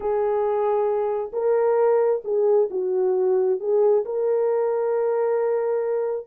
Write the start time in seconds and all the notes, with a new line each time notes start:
0.00 G#4
1.32 A#4
2.24 G#4
2.70 F#4
3.59 G#4
4.05 A#4